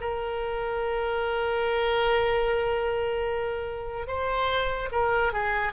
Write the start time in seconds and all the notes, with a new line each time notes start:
0.00 A#4
4.07 C5
4.91 A#4
5.32 G#4